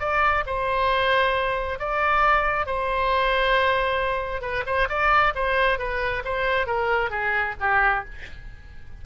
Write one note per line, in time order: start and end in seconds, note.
0.00 0.44 D5
0.46 1.79 C5
1.79 2.66 D5
2.66 4.42 C5
4.42 4.64 B4
4.66 4.88 C5
4.89 5.34 D5
5.35 5.79 C5
5.79 6.23 B4
6.25 6.67 C5
6.67 7.10 A#4
7.10 7.55 G#4
7.61 8.05 G4